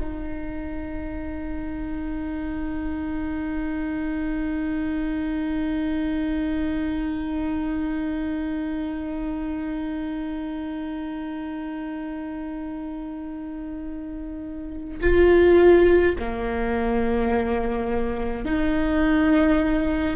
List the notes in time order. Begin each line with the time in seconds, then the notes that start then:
0.00 D#4
15.01 F4
16.19 A#3
18.45 D#4